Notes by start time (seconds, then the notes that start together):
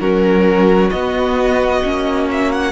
0.00 F#3 C#4 F#4 A#4
0.91 B3 D#5
1.84 A#3 C#4
2.32 E5
2.52 F#5